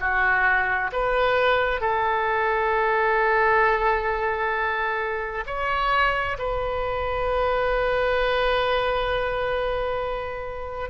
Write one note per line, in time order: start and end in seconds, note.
0.00 0.91 F#4
0.92 1.81 B4
1.81 5.44 A4
5.46 6.37 C#5
6.38 10.90 B4